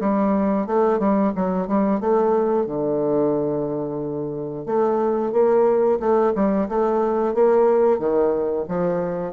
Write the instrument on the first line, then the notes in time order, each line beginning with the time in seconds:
bassoon
0.00 G3
0.67 A3
0.99 G3
1.35 F#3
1.68 G3
2.00 A3
2.66 D3
4.65 A3
5.32 A#3
6.00 A3
6.35 G3
6.68 A3
7.34 A#3
7.99 D#3
8.68 F3